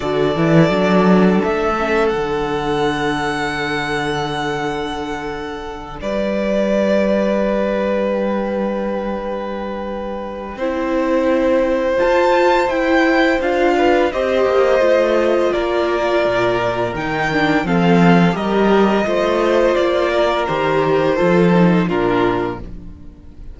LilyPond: <<
  \new Staff \with { instrumentName = "violin" } { \time 4/4 \tempo 4 = 85 d''2 e''4 fis''4~ | fis''1~ | fis''8 d''2. g''8~ | g''1~ |
g''4 a''4 g''4 f''4 | dis''2 d''2 | g''4 f''4 dis''2 | d''4 c''2 ais'4 | }
  \new Staff \with { instrumentName = "violin" } { \time 4/4 a'1~ | a'1~ | a'8 b'2.~ b'8~ | b'2. c''4~ |
c''2.~ c''8 b'8 | c''2 ais'2~ | ais'4 a'4 ais'4 c''4~ | c''8 ais'4. a'4 f'4 | }
  \new Staff \with { instrumentName = "viola" } { \time 4/4 fis'8 e'8 d'4. cis'8 d'4~ | d'1~ | d'1~ | d'2. e'4~ |
e'4 f'4 e'4 f'4 | g'4 f'2. | dis'8 d'8 c'4 g'4 f'4~ | f'4 g'4 f'8 dis'8 d'4 | }
  \new Staff \with { instrumentName = "cello" } { \time 4/4 d8 e8 fis4 a4 d4~ | d1~ | d8 g2.~ g8~ | g2. c'4~ |
c'4 f'4 e'4 d'4 | c'8 ais8 a4 ais4 ais,4 | dis4 f4 g4 a4 | ais4 dis4 f4 ais,4 | }
>>